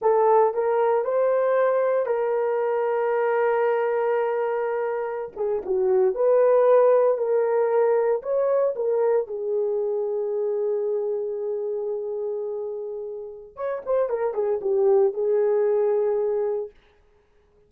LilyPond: \new Staff \with { instrumentName = "horn" } { \time 4/4 \tempo 4 = 115 a'4 ais'4 c''2 | ais'1~ | ais'2~ ais'16 gis'8 fis'4 b'16~ | b'4.~ b'16 ais'2 cis''16~ |
cis''8. ais'4 gis'2~ gis'16~ | gis'1~ | gis'2 cis''8 c''8 ais'8 gis'8 | g'4 gis'2. | }